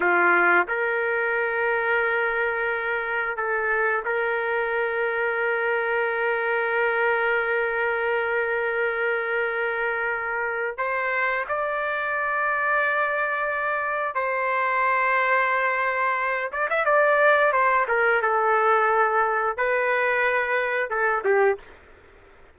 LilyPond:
\new Staff \with { instrumentName = "trumpet" } { \time 4/4 \tempo 4 = 89 f'4 ais'2.~ | ais'4 a'4 ais'2~ | ais'1~ | ais'1 |
c''4 d''2.~ | d''4 c''2.~ | c''8 d''16 e''16 d''4 c''8 ais'8 a'4~ | a'4 b'2 a'8 g'8 | }